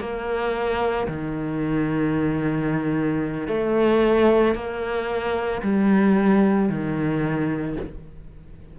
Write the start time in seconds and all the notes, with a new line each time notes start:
0.00 A#3
1.08 D#3
3.47 A3
4.54 A#3
5.62 G3
6.69 D#3